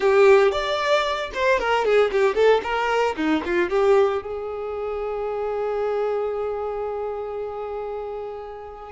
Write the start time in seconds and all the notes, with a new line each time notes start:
0.00 G4
0.51 D5
1.33 C5
1.59 A#4
1.84 G#4
2.11 G4
2.34 A4
2.63 A#4
3.16 D#4
3.45 F4
3.69 G4
4.22 G#4